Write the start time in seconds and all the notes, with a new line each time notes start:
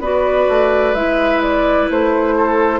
0.00 B3 F#4 B4 D5
0.48 A3
0.94 G#3 E4 E5
1.42 D5
1.90 A3 C5
2.37 A4